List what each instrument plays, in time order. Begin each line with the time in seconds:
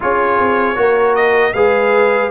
0.00 tuba C#4, trombone F4, horn G#4, trumpet C#5
0.39 tuba C4
0.75 tuba A#3, trombone F#4, horn A#4
1.15 trumpet D#5
1.53 tuba G#3, trombone G#4, horn B4, trumpet F5